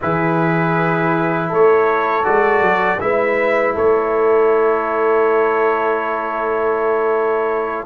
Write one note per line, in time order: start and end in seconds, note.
0.01 1.51 E3
0.01 2.23 E4
0.01 1.48 G#4
0.01 1.52 B4
1.48 2.26 A3
1.48 2.98 A4
1.48 2.25 C#5
2.23 2.60 G#3
2.23 2.98 F#4
2.23 3.00 D5
2.60 2.98 F#3
3.00 3.76 G#3
3.00 7.86 E4
3.00 3.74 B4
3.00 3.75 E5
3.74 7.86 A3
3.74 7.86 A4
3.74 7.86 C#5